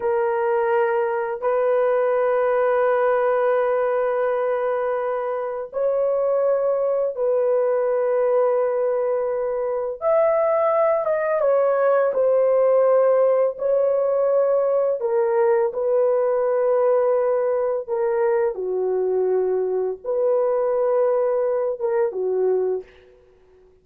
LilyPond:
\new Staff \with { instrumentName = "horn" } { \time 4/4 \tempo 4 = 84 ais'2 b'2~ | b'1 | cis''2 b'2~ | b'2 e''4. dis''8 |
cis''4 c''2 cis''4~ | cis''4 ais'4 b'2~ | b'4 ais'4 fis'2 | b'2~ b'8 ais'8 fis'4 | }